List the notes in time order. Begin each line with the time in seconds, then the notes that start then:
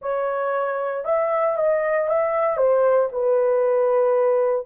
0.01 C#5
1.05 E5
1.57 D#5
2.08 E5
2.57 C5
3.12 B4